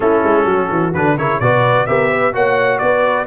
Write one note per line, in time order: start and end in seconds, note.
0.00 0.21 A3
0.00 0.92 C#4
0.00 0.45 E4
0.00 0.93 A4
0.23 0.45 G#3
0.45 0.68 F#3
0.45 1.15 F#4
0.70 0.94 E3
0.93 1.16 D3
0.93 1.18 D4
0.93 1.17 B4
1.16 1.40 C#3
1.16 1.42 E4
1.16 1.41 A#4
1.16 1.39 C#5
1.39 1.87 B2
1.39 1.87 F#4
1.39 1.87 B4
1.39 1.86 D5
1.86 2.33 B3
1.86 2.33 G4
1.86 2.10 A#4
1.86 2.33 E5
2.10 2.33 B4
2.33 2.80 A#3
2.33 3.26 F#4
2.33 2.81 C#5
2.33 2.78 F#5
2.78 3.26 B3
2.78 3.26 B4
2.78 3.25 D5